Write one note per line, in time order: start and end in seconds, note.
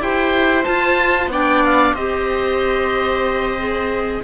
0.00 0.65 E4
0.00 0.65 G4
0.00 1.32 C5
0.00 0.65 G5
0.65 1.30 F4
0.65 1.28 F4
0.65 1.30 A5
1.28 1.93 B3
1.28 1.97 D4
1.28 1.94 D5
1.28 1.65 G5
1.65 1.95 F5
1.94 4.23 C4
1.94 3.60 G4
1.94 4.22 C5
1.94 4.24 D#5
3.60 4.24 G#4